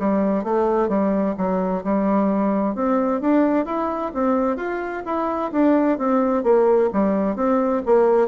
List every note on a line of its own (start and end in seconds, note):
0.00 0.44 G3
0.44 0.89 A3
0.89 1.35 G3
1.38 1.84 F#3
1.84 2.75 G3
2.75 3.21 C4
3.21 3.66 D4
3.66 4.12 E4
4.14 4.57 C4
4.57 5.03 F4
5.06 5.52 E4
5.52 5.98 D4
5.98 6.44 C4
6.44 6.90 A#3
6.93 7.36 G3
7.36 7.83 C4
7.86 8.28 A#3